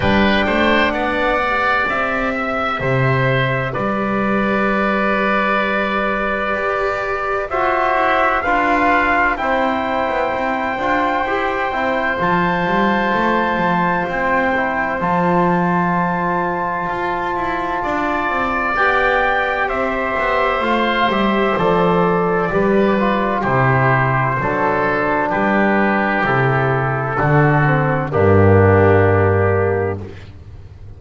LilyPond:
<<
  \new Staff \with { instrumentName = "trumpet" } { \time 4/4 \tempo 4 = 64 g''4 fis''4 e''2 | d''1 | e''4 f''4 g''2~ | g''4 a''2 g''4 |
a''1 | g''4 e''4 f''8 e''8 d''4~ | d''4 c''2 b'4 | a'2 g'2 | }
  \new Staff \with { instrumentName = "oboe" } { \time 4/4 b'8 c''8 d''4. e''8 c''4 | b'1 | c''4 b'4 c''2~ | c''1~ |
c''2. d''4~ | d''4 c''2. | b'4 g'4 a'4 g'4~ | g'4 fis'4 d'2 | }
  \new Staff \with { instrumentName = "trombone" } { \time 4/4 d'4. g'2~ g'8~ | g'1 | fis'4 f'4 e'4. f'8 | g'8 e'8 f'2~ f'8 e'8 |
f'1 | g'2 f'8 g'8 a'4 | g'8 f'8 e'4 d'2 | e'4 d'8 c'8 ais2 | }
  \new Staff \with { instrumentName = "double bass" } { \time 4/4 g8 a8 b4 c'4 c4 | g2. g'4 | f'8 e'8 d'4 c'8. b16 c'8 d'8 | e'8 c'8 f8 g8 a8 f8 c'4 |
f2 f'8 e'8 d'8 c'8 | b4 c'8 b8 a8 g8 f4 | g4 c4 fis4 g4 | c4 d4 g,2 | }
>>